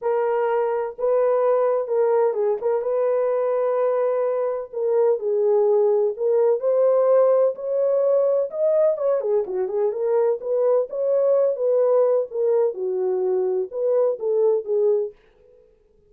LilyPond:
\new Staff \with { instrumentName = "horn" } { \time 4/4 \tempo 4 = 127 ais'2 b'2 | ais'4 gis'8 ais'8 b'2~ | b'2 ais'4 gis'4~ | gis'4 ais'4 c''2 |
cis''2 dis''4 cis''8 gis'8 | fis'8 gis'8 ais'4 b'4 cis''4~ | cis''8 b'4. ais'4 fis'4~ | fis'4 b'4 a'4 gis'4 | }